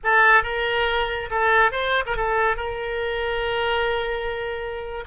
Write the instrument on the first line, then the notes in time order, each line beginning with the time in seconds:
oboe
0.03 A4
0.43 A#4
1.30 A4
1.71 C5
2.06 A#4
2.16 A4
2.56 A#4